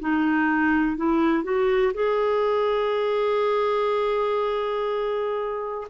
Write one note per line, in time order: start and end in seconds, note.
0.00 0.97 D#4
0.97 1.44 E4
1.44 1.93 F#4
1.94 5.87 G#4